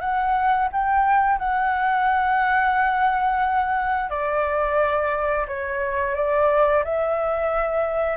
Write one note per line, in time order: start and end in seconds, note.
0.00 0.68 F#5
0.72 1.38 G5
1.38 4.09 F#5
4.09 5.46 D5
5.47 6.15 C#5
6.15 6.83 D5
6.84 8.17 E5